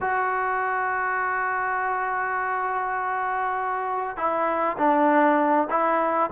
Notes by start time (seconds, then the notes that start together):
0.01 F#4
4.16 E4
4.78 D4
5.69 E4